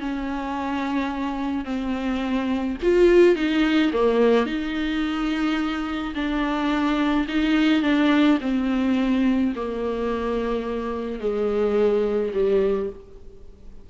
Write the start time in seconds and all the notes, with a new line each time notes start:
0.00 C#4
1.65 C4
2.82 F4
3.35 D#4
3.93 A#3
4.46 D#4
6.15 D4
7.28 D#4
7.82 D4
8.41 C4
9.55 A#3
11.20 G#3
12.33 G3